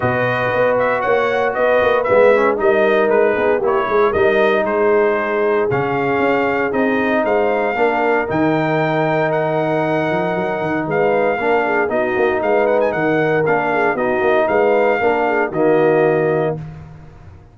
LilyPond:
<<
  \new Staff \with { instrumentName = "trumpet" } { \time 4/4 \tempo 4 = 116 dis''4. e''8 fis''4 dis''4 | e''4 dis''4 b'4 cis''4 | dis''4 c''2 f''4~ | f''4 dis''4 f''2 |
g''2 fis''2~ | fis''4 f''2 dis''4 | f''8 fis''16 gis''16 fis''4 f''4 dis''4 | f''2 dis''2 | }
  \new Staff \with { instrumentName = "horn" } { \time 4/4 b'2 cis''4 b'4~ | b'4 ais'4. gis'8 g'8 gis'8 | ais'4 gis'2.~ | gis'2 c''4 ais'4~ |
ais'1~ | ais'4 b'4 ais'8 gis'8 fis'4 | b'4 ais'4. gis'8 fis'4 | b'4 ais'8 gis'8 fis'2 | }
  \new Staff \with { instrumentName = "trombone" } { \time 4/4 fis'1 | b8 cis'8 dis'2 e'4 | dis'2. cis'4~ | cis'4 dis'2 d'4 |
dis'1~ | dis'2 d'4 dis'4~ | dis'2 d'4 dis'4~ | dis'4 d'4 ais2 | }
  \new Staff \with { instrumentName = "tuba" } { \time 4/4 b,4 b4 ais4 b8 ais8 | gis4 g4 gis8 b8 ais8 gis8 | g4 gis2 cis4 | cis'4 c'4 gis4 ais4 |
dis2.~ dis8 f8 | fis8 dis8 gis4 ais4 b8 ais8 | gis4 dis4 ais4 b8 ais8 | gis4 ais4 dis2 | }
>>